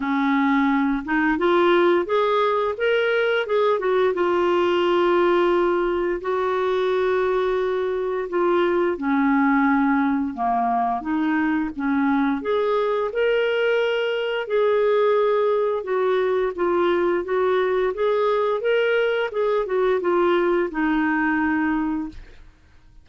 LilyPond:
\new Staff \with { instrumentName = "clarinet" } { \time 4/4 \tempo 4 = 87 cis'4. dis'8 f'4 gis'4 | ais'4 gis'8 fis'8 f'2~ | f'4 fis'2. | f'4 cis'2 ais4 |
dis'4 cis'4 gis'4 ais'4~ | ais'4 gis'2 fis'4 | f'4 fis'4 gis'4 ais'4 | gis'8 fis'8 f'4 dis'2 | }